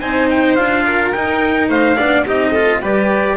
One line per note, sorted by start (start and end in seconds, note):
0.00 0.57 C4
0.00 0.57 D#4
0.00 0.84 C5
0.00 0.28 G#5
0.30 0.55 G5
0.55 1.14 D4
0.55 1.13 F4
0.55 1.12 F5
0.85 1.69 A#4
1.12 1.69 D#4
1.12 1.96 D#4
1.12 1.68 G5
1.69 1.97 A3
1.69 1.97 C5
1.69 2.26 F5
1.96 2.27 B3
1.96 2.24 D4
1.96 2.25 D5
2.25 2.81 C4
2.25 2.55 D#4
2.25 2.51 G4
2.25 2.84 D#5
2.51 2.82 F4
2.51 2.79 A4
2.81 3.37 G3
2.81 3.37 G4
2.81 3.37 B4
2.81 3.37 D5